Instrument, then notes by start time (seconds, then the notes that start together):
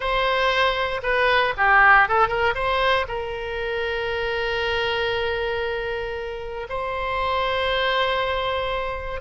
oboe
0.00 C5
1.02 B4
1.57 G4
2.08 A4
2.28 A#4
2.54 C5
3.08 A#4
6.69 C5